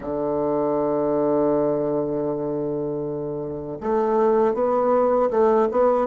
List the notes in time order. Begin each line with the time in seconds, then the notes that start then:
0.00 D3
3.80 A3
4.54 B3
5.30 A3
5.71 B3